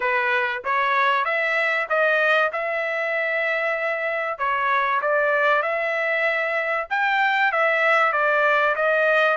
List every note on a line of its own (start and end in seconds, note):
0.00 0.62 B4
0.64 1.24 C#5
1.24 1.87 E5
1.89 2.51 D#5
2.52 4.38 E5
4.38 5.01 C#5
5.01 5.62 D5
5.62 6.87 E5
6.89 7.51 G5
7.51 8.12 E5
8.12 8.75 D5
8.75 9.37 D#5